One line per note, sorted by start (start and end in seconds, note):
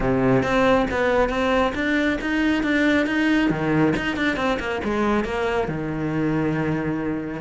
0.00 0.42 C3
0.42 0.86 C4
0.90 1.29 B3
1.29 1.73 C4
1.74 2.18 D4
2.21 2.63 D#4
2.63 3.06 D4
3.06 3.49 D#4
3.49 3.93 D#3
3.96 4.16 D#4
4.16 4.36 D4
4.36 4.58 C4
4.59 4.81 A#3
4.84 5.24 G#3
5.24 5.68 A#3
5.68 7.41 D#3